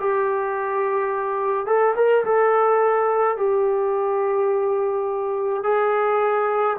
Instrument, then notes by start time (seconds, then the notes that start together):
trombone
0.00 G4
1.66 A4
1.96 A#4
2.25 A4
3.37 G4
5.64 G#4